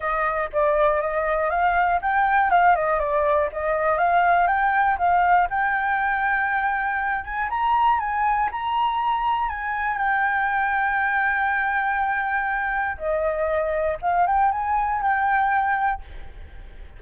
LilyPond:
\new Staff \with { instrumentName = "flute" } { \time 4/4 \tempo 4 = 120 dis''4 d''4 dis''4 f''4 | g''4 f''8 dis''8 d''4 dis''4 | f''4 g''4 f''4 g''4~ | g''2~ g''8 gis''8 ais''4 |
gis''4 ais''2 gis''4 | g''1~ | g''2 dis''2 | f''8 g''8 gis''4 g''2 | }